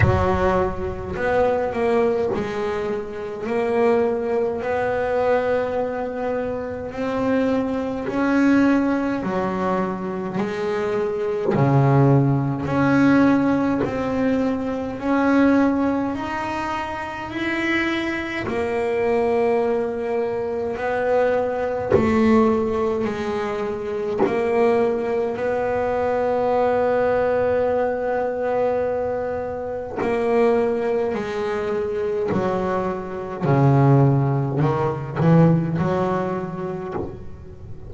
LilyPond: \new Staff \with { instrumentName = "double bass" } { \time 4/4 \tempo 4 = 52 fis4 b8 ais8 gis4 ais4 | b2 c'4 cis'4 | fis4 gis4 cis4 cis'4 | c'4 cis'4 dis'4 e'4 |
ais2 b4 a4 | gis4 ais4 b2~ | b2 ais4 gis4 | fis4 cis4 dis8 e8 fis4 | }